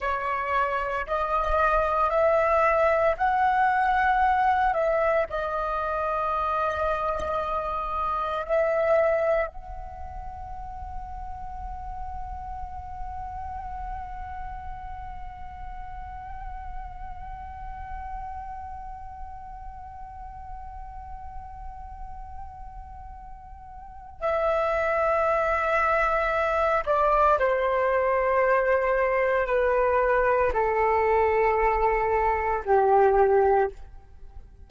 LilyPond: \new Staff \with { instrumentName = "flute" } { \time 4/4 \tempo 4 = 57 cis''4 dis''4 e''4 fis''4~ | fis''8 e''8 dis''2. | e''4 fis''2.~ | fis''1~ |
fis''1~ | fis''2. e''4~ | e''4. d''8 c''2 | b'4 a'2 g'4 | }